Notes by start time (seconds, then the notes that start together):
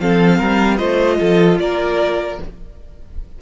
0.00 F3 C4 A4 F5
0.38 G3 A#4
0.77 A3 F4 C5 D#5
1.20 F3 A4
1.59 A#3 A#4 D5